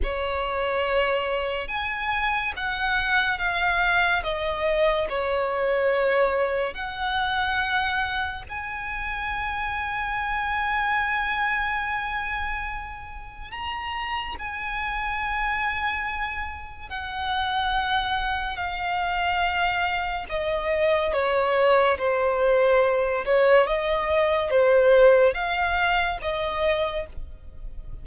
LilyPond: \new Staff \with { instrumentName = "violin" } { \time 4/4 \tempo 4 = 71 cis''2 gis''4 fis''4 | f''4 dis''4 cis''2 | fis''2 gis''2~ | gis''1 |
ais''4 gis''2. | fis''2 f''2 | dis''4 cis''4 c''4. cis''8 | dis''4 c''4 f''4 dis''4 | }